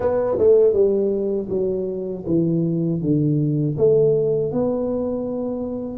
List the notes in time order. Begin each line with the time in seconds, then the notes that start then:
0.00 B3
0.38 A3
0.73 G3
1.49 F#3
2.26 E3
3.01 D3
3.77 A3
4.52 B3